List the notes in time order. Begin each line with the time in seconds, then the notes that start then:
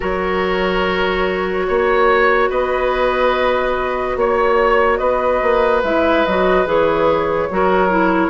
0.00 F#3 F#4 A#4 C#5
1.67 A#3 C#5
2.49 B3 B4 D#5
4.16 A#3 C#5
4.97 B3 B4 D#5
5.41 A#3
5.83 G#3 E4 E5
6.25 F#3 F#4 D#5
6.65 E3 G#4 C#5
7.50 F#3 F#4 A#4
7.89 E4